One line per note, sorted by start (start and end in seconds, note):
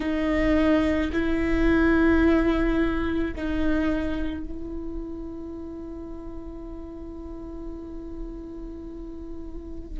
0.00 1.11 D#4
1.12 3.34 E4
3.35 4.43 D#4
4.43 9.99 E4